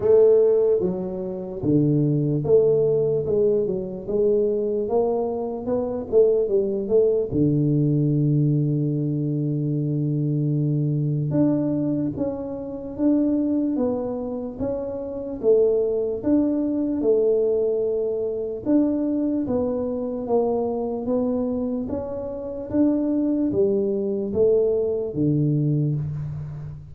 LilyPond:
\new Staff \with { instrumentName = "tuba" } { \time 4/4 \tempo 4 = 74 a4 fis4 d4 a4 | gis8 fis8 gis4 ais4 b8 a8 | g8 a8 d2.~ | d2 d'4 cis'4 |
d'4 b4 cis'4 a4 | d'4 a2 d'4 | b4 ais4 b4 cis'4 | d'4 g4 a4 d4 | }